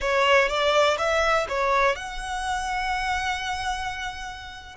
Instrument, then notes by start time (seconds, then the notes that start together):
violin
0.00 C#5
0.48 D5
0.98 E5
1.49 C#5
1.95 F#5